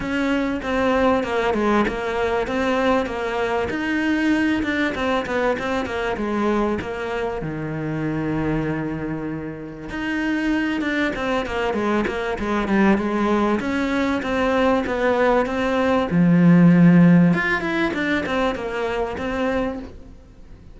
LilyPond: \new Staff \with { instrumentName = "cello" } { \time 4/4 \tempo 4 = 97 cis'4 c'4 ais8 gis8 ais4 | c'4 ais4 dis'4. d'8 | c'8 b8 c'8 ais8 gis4 ais4 | dis1 |
dis'4. d'8 c'8 ais8 gis8 ais8 | gis8 g8 gis4 cis'4 c'4 | b4 c'4 f2 | f'8 e'8 d'8 c'8 ais4 c'4 | }